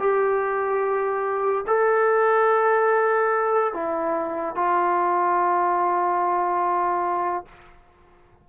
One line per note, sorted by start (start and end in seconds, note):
0.00 1.66 G4
1.68 3.74 A4
3.74 4.56 E4
4.56 7.45 F4